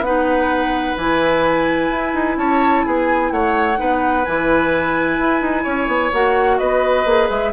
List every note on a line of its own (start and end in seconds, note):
0.00 0.94 B3
0.00 0.99 D#4
0.00 2.39 B4
0.00 0.96 F#5
0.97 1.90 E3
0.97 3.76 E4
0.97 2.38 G#5
1.90 2.14 E4
2.14 2.37 D#4
2.37 2.84 C#4
2.37 2.86 C#5
2.37 2.85 A5
2.85 3.31 B3
2.85 3.32 G#4
2.85 3.31 G#5
3.31 3.78 A3
3.31 3.79 C#5
3.31 4.24 F#5
3.76 4.27 B3
3.76 4.23 D#4
3.76 5.63 B4
4.24 5.18 E3
4.24 6.13 E4
4.24 6.12 G#5
5.18 5.41 E4
5.41 5.65 D#4
5.63 5.87 C#4
5.63 6.57 C#5
5.87 6.11 B3
6.13 6.60 A#3
6.13 7.06 F#4
6.13 6.58 F#5
6.58 7.05 B3
6.58 7.52 B4
6.58 7.28 D#5
7.05 7.29 A#3
7.05 7.52 G#4
7.29 7.52 G#3
7.29 7.52 E5